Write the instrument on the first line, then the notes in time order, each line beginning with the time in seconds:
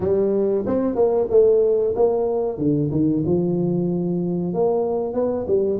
tuba
0.00 G3
0.66 C4
0.95 A#3
1.30 A3
1.95 A#3
2.58 D3
2.91 D#3
3.26 F3
4.53 A#3
5.13 B3
5.47 G3